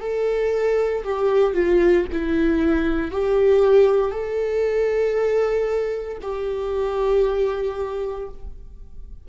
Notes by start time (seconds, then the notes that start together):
0.00 A4
1.04 G4
1.53 F4
2.12 E4
3.11 G4
4.11 A4
6.22 G4